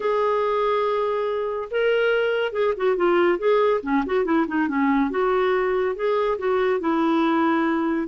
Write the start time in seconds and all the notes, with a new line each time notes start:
0.00 G#4
1.70 A#4
2.52 G#4
2.76 F#4
2.96 F4
3.38 G#4
3.82 C#4
4.05 F#4
4.24 E4
4.47 D#4
4.68 C#4
5.10 F#4
5.95 G#4
6.38 F#4
6.79 E4